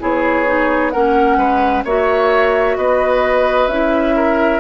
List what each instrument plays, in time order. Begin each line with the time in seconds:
0.00 bassoon B3, clarinet E4, oboe G#4, flute C#5
0.46 clarinet D#4
0.91 bassoon A#3, clarinet C#4, oboe A#4, flute F#5
1.37 bassoon G#3, oboe B4
1.85 bassoon A#3, clarinet F#4, oboe C#5, flute E5
2.77 bassoon B3, oboe B4, flute D#5
3.68 bassoon C#4, clarinet E4, flute E5
4.16 oboe A#4